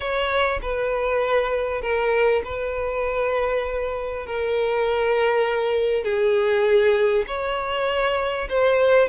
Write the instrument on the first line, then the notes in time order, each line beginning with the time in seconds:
violin
0.00 C#5
0.62 B4
1.81 A#4
2.44 B4
4.26 A#4
6.04 G#4
7.27 C#5
8.49 C5